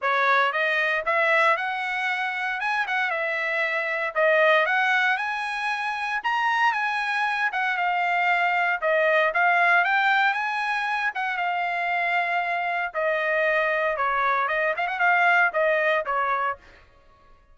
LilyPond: \new Staff \with { instrumentName = "trumpet" } { \time 4/4 \tempo 4 = 116 cis''4 dis''4 e''4 fis''4~ | fis''4 gis''8 fis''8 e''2 | dis''4 fis''4 gis''2 | ais''4 gis''4. fis''8 f''4~ |
f''4 dis''4 f''4 g''4 | gis''4. fis''8 f''2~ | f''4 dis''2 cis''4 | dis''8 f''16 fis''16 f''4 dis''4 cis''4 | }